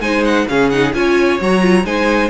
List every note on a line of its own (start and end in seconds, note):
0.00 0.46 G#3
0.00 0.47 D#4
0.00 0.48 C5
0.00 0.24 G#5
0.24 0.47 F#5
0.48 0.94 C#3
0.48 0.72 C#4
0.48 0.96 G#4
0.48 0.70 F5
0.70 0.94 D#4
0.70 0.93 F#5
0.94 1.40 C#4
0.94 1.39 F4
0.94 1.85 C#5
0.94 1.40 G#5
1.40 1.84 F#3
1.40 1.61 F#4
1.40 1.86 A#5
1.61 1.84 F4
1.84 2.30 G#3
1.84 2.30 D#4
1.84 2.30 C5
1.84 2.30 G#5